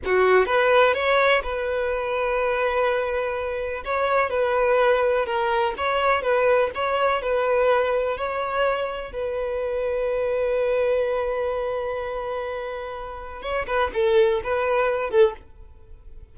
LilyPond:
\new Staff \with { instrumentName = "violin" } { \time 4/4 \tempo 4 = 125 fis'4 b'4 cis''4 b'4~ | b'1 | cis''4 b'2 ais'4 | cis''4 b'4 cis''4 b'4~ |
b'4 cis''2 b'4~ | b'1~ | b'1 | cis''8 b'8 a'4 b'4. a'8 | }